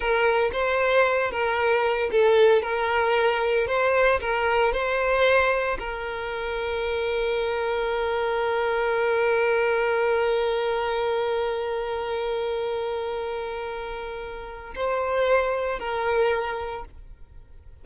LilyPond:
\new Staff \with { instrumentName = "violin" } { \time 4/4 \tempo 4 = 114 ais'4 c''4. ais'4. | a'4 ais'2 c''4 | ais'4 c''2 ais'4~ | ais'1~ |
ais'1~ | ais'1~ | ais'1 | c''2 ais'2 | }